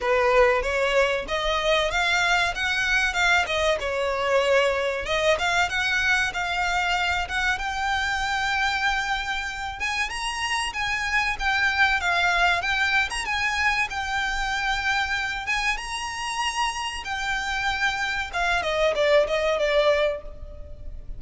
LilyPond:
\new Staff \with { instrumentName = "violin" } { \time 4/4 \tempo 4 = 95 b'4 cis''4 dis''4 f''4 | fis''4 f''8 dis''8 cis''2 | dis''8 f''8 fis''4 f''4. fis''8 | g''2.~ g''8 gis''8 |
ais''4 gis''4 g''4 f''4 | g''8. ais''16 gis''4 g''2~ | g''8 gis''8 ais''2 g''4~ | g''4 f''8 dis''8 d''8 dis''8 d''4 | }